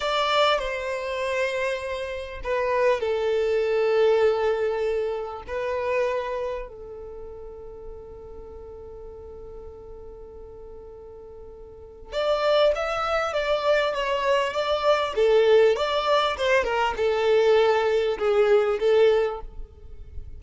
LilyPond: \new Staff \with { instrumentName = "violin" } { \time 4/4 \tempo 4 = 99 d''4 c''2. | b'4 a'2.~ | a'4 b'2 a'4~ | a'1~ |
a'1 | d''4 e''4 d''4 cis''4 | d''4 a'4 d''4 c''8 ais'8 | a'2 gis'4 a'4 | }